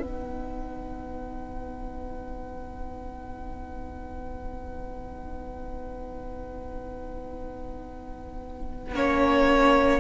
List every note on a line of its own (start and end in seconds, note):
0.00 8.95 B3
0.00 8.95 D#4
0.00 8.95 B4
0.00 10.00 F#5
8.95 10.00 A#3
8.95 10.00 C#4
8.95 10.00 C#5